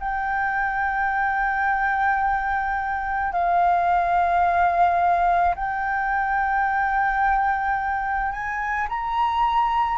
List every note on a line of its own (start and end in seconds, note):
0.00 3.33 G5
3.33 5.55 F5
5.56 8.33 G5
8.33 8.88 G#5
8.89 9.98 A#5